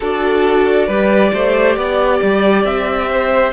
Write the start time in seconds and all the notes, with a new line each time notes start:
0.00 D4 F#4 A4 D5
0.86 G3 G4 B4
1.33 A3 C5
1.76 B3 D5
2.22 G3
2.64 C4 E5
3.10 C5